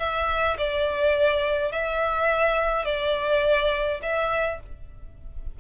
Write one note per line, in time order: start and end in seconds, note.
0.00 0.58 E5
0.58 1.72 D5
1.72 2.86 E5
2.86 4.01 D5
4.03 4.60 E5